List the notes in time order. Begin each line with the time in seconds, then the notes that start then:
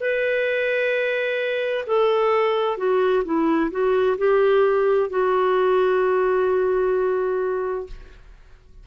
0.00 B4
1.87 A4
2.77 F#4
3.24 E4
3.71 F#4
4.17 G4
5.09 F#4